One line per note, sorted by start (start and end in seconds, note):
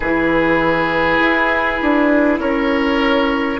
0.00 1.20 E3
0.00 3.59 E4
0.00 2.40 G#4
0.00 2.39 B4
1.20 1.79 E4
1.82 2.38 D4
2.38 3.58 C#4
2.38 3.59 A#4
2.38 3.59 C#5